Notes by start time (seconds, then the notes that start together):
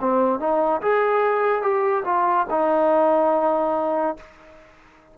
0.00 C4
0.40 D#4
0.82 G#4
1.62 G4
2.05 F4
2.50 D#4